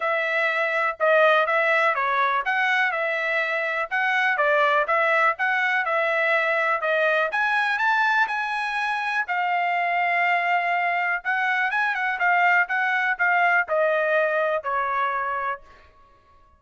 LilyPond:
\new Staff \with { instrumentName = "trumpet" } { \time 4/4 \tempo 4 = 123 e''2 dis''4 e''4 | cis''4 fis''4 e''2 | fis''4 d''4 e''4 fis''4 | e''2 dis''4 gis''4 |
a''4 gis''2 f''4~ | f''2. fis''4 | gis''8 fis''8 f''4 fis''4 f''4 | dis''2 cis''2 | }